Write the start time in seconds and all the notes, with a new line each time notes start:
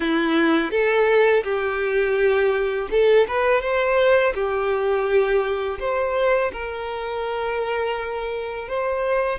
0.00 E4
0.70 A4
1.43 G4
2.90 A4
3.27 B4
3.61 C5
4.34 G4
5.79 C5
6.52 A#4
8.68 C5